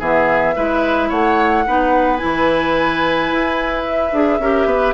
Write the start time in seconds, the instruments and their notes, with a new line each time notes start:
0.00 bassoon E3, clarinet B3, oboe G#4, flute E5
0.56 bassoon G#3, clarinet E4, oboe B4
1.09 bassoon A3, oboe C#5, flute F#5
1.67 bassoon B3, clarinet D#4, oboe B4
2.17 clarinet E4, flute G#5
2.24 bassoon E3
3.32 bassoon E4
3.85 flute E5
4.13 bassoon D4, clarinet G#4
4.40 bassoon C#4, clarinet G4, oboe A#4
4.66 bassoon B3, oboe B4